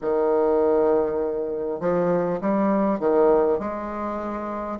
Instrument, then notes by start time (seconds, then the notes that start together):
bassoon
0.01 D#3
1.80 F3
2.41 G3
2.99 D#3
3.59 G#3